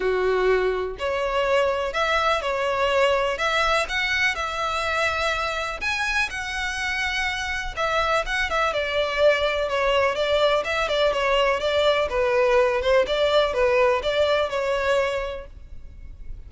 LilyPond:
\new Staff \with { instrumentName = "violin" } { \time 4/4 \tempo 4 = 124 fis'2 cis''2 | e''4 cis''2 e''4 | fis''4 e''2. | gis''4 fis''2. |
e''4 fis''8 e''8 d''2 | cis''4 d''4 e''8 d''8 cis''4 | d''4 b'4. c''8 d''4 | b'4 d''4 cis''2 | }